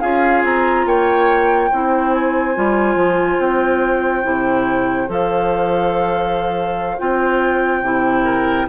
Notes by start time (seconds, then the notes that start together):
0.00 C#4 F4 G#4 F5
0.43 C4 A#5
0.86 A#3 C#5 G5
1.70 C4 E4 C5
2.14 G#5
2.55 G3 F4
2.95 F3
3.39 C4 G5
4.23 C3 E4
5.07 F3 A4 F5
6.98 C4 F4 G5
7.82 C3 E4
8.24 A#4